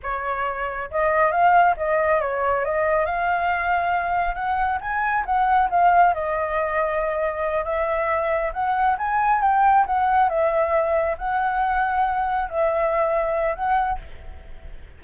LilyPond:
\new Staff \with { instrumentName = "flute" } { \time 4/4 \tempo 4 = 137 cis''2 dis''4 f''4 | dis''4 cis''4 dis''4 f''4~ | f''2 fis''4 gis''4 | fis''4 f''4 dis''2~ |
dis''4. e''2 fis''8~ | fis''8 gis''4 g''4 fis''4 e''8~ | e''4. fis''2~ fis''8~ | fis''8 e''2~ e''8 fis''4 | }